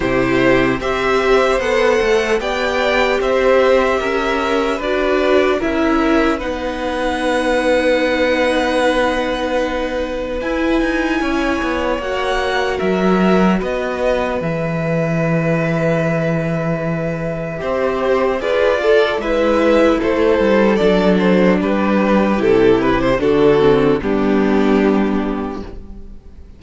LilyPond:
<<
  \new Staff \with { instrumentName = "violin" } { \time 4/4 \tempo 4 = 75 c''4 e''4 fis''4 g''4 | e''2 d''4 e''4 | fis''1~ | fis''4 gis''2 fis''4 |
e''4 dis''4 e''2~ | e''2. d''4 | e''4 c''4 d''8 c''8 b'4 | a'8 b'16 c''16 a'4 g'2 | }
  \new Staff \with { instrumentName = "violin" } { \time 4/4 g'4 c''2 d''4 | c''4 ais'4 b'4 ais'4 | b'1~ | b'2 cis''2 |
ais'4 b'2.~ | b'2 c''4 b'8 a'8 | b'4 a'2 g'4~ | g'4 fis'4 d'2 | }
  \new Staff \with { instrumentName = "viola" } { \time 4/4 e'4 g'4 a'4 g'4~ | g'2 fis'4 e'4 | dis'1~ | dis'4 e'2 fis'4~ |
fis'2 gis'2~ | gis'2 g'4 gis'8 a'8 | e'2 d'2 | e'4 d'8 c'8 b2 | }
  \new Staff \with { instrumentName = "cello" } { \time 4/4 c4 c'4 b8 a8 b4 | c'4 cis'4 d'4 cis'4 | b1~ | b4 e'8 dis'8 cis'8 b8 ais4 |
fis4 b4 e2~ | e2 c'4 f'4 | gis4 a8 g8 fis4 g4 | c4 d4 g2 | }
>>